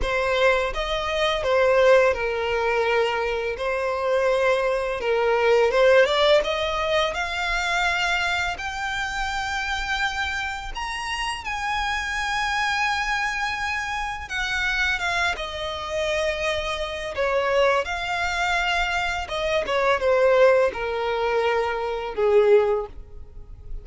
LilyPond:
\new Staff \with { instrumentName = "violin" } { \time 4/4 \tempo 4 = 84 c''4 dis''4 c''4 ais'4~ | ais'4 c''2 ais'4 | c''8 d''8 dis''4 f''2 | g''2. ais''4 |
gis''1 | fis''4 f''8 dis''2~ dis''8 | cis''4 f''2 dis''8 cis''8 | c''4 ais'2 gis'4 | }